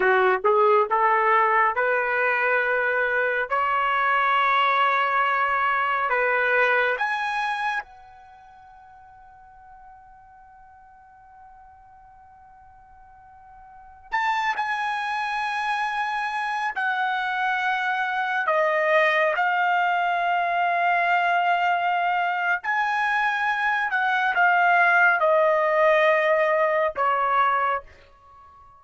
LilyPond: \new Staff \with { instrumentName = "trumpet" } { \time 4/4 \tempo 4 = 69 fis'8 gis'8 a'4 b'2 | cis''2. b'4 | gis''4 fis''2.~ | fis''1~ |
fis''16 a''8 gis''2~ gis''8 fis''8.~ | fis''4~ fis''16 dis''4 f''4.~ f''16~ | f''2 gis''4. fis''8 | f''4 dis''2 cis''4 | }